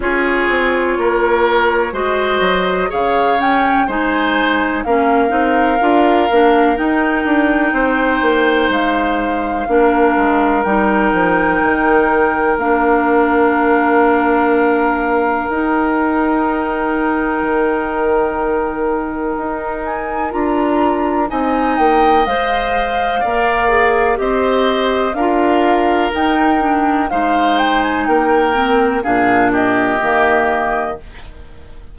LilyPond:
<<
  \new Staff \with { instrumentName = "flute" } { \time 4/4 \tempo 4 = 62 cis''2 dis''4 f''8 g''8 | gis''4 f''2 g''4~ | g''4 f''2 g''4~ | g''4 f''2. |
g''1~ | g''8 gis''8 ais''4 gis''8 g''8 f''4~ | f''4 dis''4 f''4 g''4 | f''8 g''16 gis''16 g''4 f''8 dis''4. | }
  \new Staff \with { instrumentName = "oboe" } { \time 4/4 gis'4 ais'4 c''4 cis''4 | c''4 ais'2. | c''2 ais'2~ | ais'1~ |
ais'1~ | ais'2 dis''2 | d''4 c''4 ais'2 | c''4 ais'4 gis'8 g'4. | }
  \new Staff \with { instrumentName = "clarinet" } { \time 4/4 f'2 fis'4 gis'8 cis'8 | dis'4 cis'8 dis'8 f'8 d'8 dis'4~ | dis'2 d'4 dis'4~ | dis'4 d'2. |
dis'1~ | dis'4 f'4 dis'4 c''4 | ais'8 gis'8 g'4 f'4 dis'8 d'8 | dis'4. c'8 d'4 ais4 | }
  \new Staff \with { instrumentName = "bassoon" } { \time 4/4 cis'8 c'8 ais4 gis8 fis8 cis4 | gis4 ais8 c'8 d'8 ais8 dis'8 d'8 | c'8 ais8 gis4 ais8 gis8 g8 f8 | dis4 ais2. |
dis'2 dis2 | dis'4 d'4 c'8 ais8 gis4 | ais4 c'4 d'4 dis'4 | gis4 ais4 ais,4 dis4 | }
>>